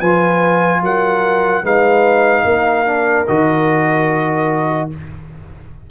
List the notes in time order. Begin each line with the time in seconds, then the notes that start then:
0.00 F3 F4 B4 G#5
0.82 F#3 A#4 F#5
1.63 G#3 D#4 B4 F5
2.45 A#3 A#4
2.86 D4
3.28 D#3 F#4 D#5